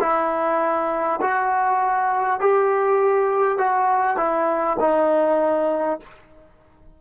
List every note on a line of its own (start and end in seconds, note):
0.00 1.20 E4
1.21 2.40 F#4
2.40 3.57 G4
3.57 4.17 F#4
4.17 4.77 E4
4.79 5.99 D#4